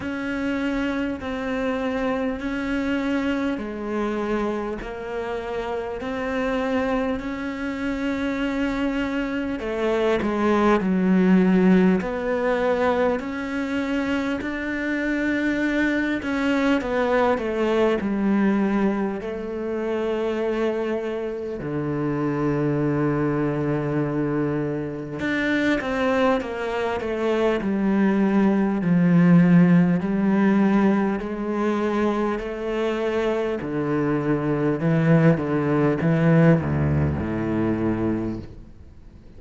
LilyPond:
\new Staff \with { instrumentName = "cello" } { \time 4/4 \tempo 4 = 50 cis'4 c'4 cis'4 gis4 | ais4 c'4 cis'2 | a8 gis8 fis4 b4 cis'4 | d'4. cis'8 b8 a8 g4 |
a2 d2~ | d4 d'8 c'8 ais8 a8 g4 | f4 g4 gis4 a4 | d4 e8 d8 e8 d,8 a,4 | }